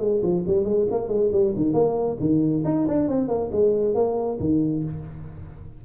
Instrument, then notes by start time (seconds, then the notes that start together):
tuba
0.00 G#3
0.23 F3
0.48 G3
0.65 G#3
0.91 A#3
1.09 G#3
1.33 G3
1.57 D#3
1.74 A#3
2.20 D#3
2.65 D#4
2.88 D4
3.09 C4
3.29 A#3
3.52 G#3
3.95 A#3
4.40 D#3